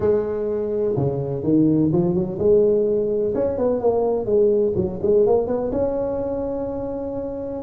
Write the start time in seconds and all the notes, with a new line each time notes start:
0.00 G#3
0.96 C#3
1.43 D#3
1.92 F3
2.14 F#3
2.39 G#3
3.34 C#4
3.57 B3
3.80 A#3
4.25 G#3
4.75 F#3
5.02 G#3
5.26 A#3
5.47 B3
5.72 C#4